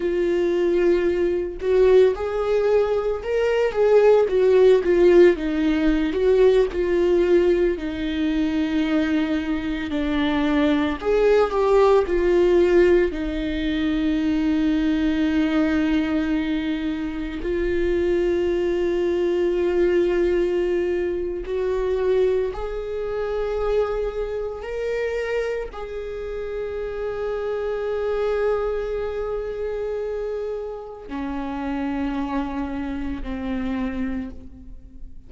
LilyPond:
\new Staff \with { instrumentName = "viola" } { \time 4/4 \tempo 4 = 56 f'4. fis'8 gis'4 ais'8 gis'8 | fis'8 f'8 dis'8. fis'8 f'4 dis'8.~ | dis'4~ dis'16 d'4 gis'8 g'8 f'8.~ | f'16 dis'2.~ dis'8.~ |
dis'16 f'2.~ f'8. | fis'4 gis'2 ais'4 | gis'1~ | gis'4 cis'2 c'4 | }